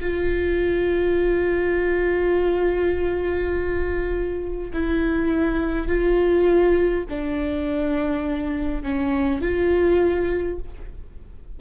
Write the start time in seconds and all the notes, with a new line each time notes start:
0.00 F4
4.73 E4
5.87 F4
7.09 D4
8.82 C#4
9.41 F4